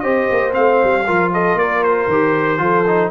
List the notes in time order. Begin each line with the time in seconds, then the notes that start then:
0.00 C4 G4 C5 D#5
0.30 A#3
0.52 A3 C4 F5
0.84 G3
1.06 F3 F4 A#4
1.33 A4 D#5
1.55 A#3 A#4 D5
1.83 C5
2.07 D#3 G4
2.58 F3 F4 A4
2.87 D#4